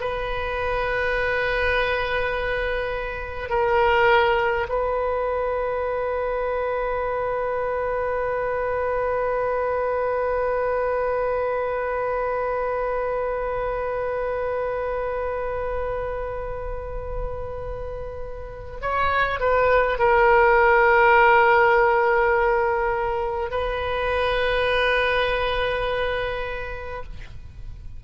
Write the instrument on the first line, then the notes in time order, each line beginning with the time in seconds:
oboe
0.00 B4
3.49 A#4
4.68 B4
18.81 C#5
19.40 B4
19.98 A#4
23.50 B4